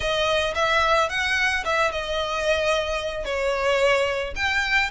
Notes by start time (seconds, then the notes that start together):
0.00 D#5
0.54 E5
1.09 F#5
1.64 E5
1.91 D#5
3.25 C#5
4.35 G5